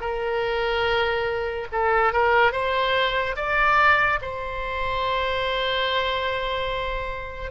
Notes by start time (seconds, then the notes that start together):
0.00 A#4
1.72 A4
2.12 A#4
2.52 C5
3.36 D5
4.21 C5